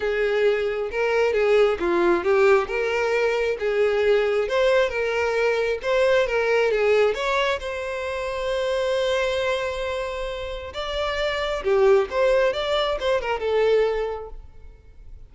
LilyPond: \new Staff \with { instrumentName = "violin" } { \time 4/4 \tempo 4 = 134 gis'2 ais'4 gis'4 | f'4 g'4 ais'2 | gis'2 c''4 ais'4~ | ais'4 c''4 ais'4 gis'4 |
cis''4 c''2.~ | c''1 | d''2 g'4 c''4 | d''4 c''8 ais'8 a'2 | }